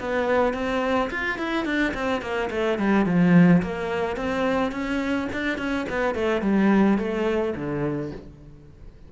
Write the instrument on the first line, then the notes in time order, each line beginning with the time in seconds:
cello
0.00 B3
0.54 C4
1.11 F4
1.39 E4
1.65 D4
1.94 C4
2.22 A#3
2.51 A3
2.79 G3
3.06 F3
3.63 A#3
4.17 C4
4.72 C#4
5.33 D4
5.58 C#4
5.89 B3
6.15 A3
6.42 G3
6.98 A3
7.56 D3